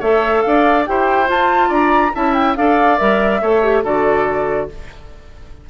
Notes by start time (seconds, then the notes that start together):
0.00 A3 A4 C#5 E5
0.42 D4 D5 F5
0.87 E4 G4 C5 G5
1.26 F4 A5
1.69 D4 D5 A#5
2.14 C#4 E4 E5 A5
2.34 G5
2.56 D4 A4 D5 F5
2.98 G3 A#4 E5
3.42 A3 A4 C#5
3.63 G4
3.84 D3 F#4 A4 D5